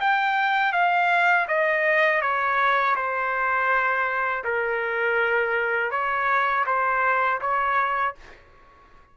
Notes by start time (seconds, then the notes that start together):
0.00 G5
0.72 F5
1.47 D#5
2.21 C#5
2.95 C5
4.44 A#4
5.91 C#5
6.66 C5
7.41 C#5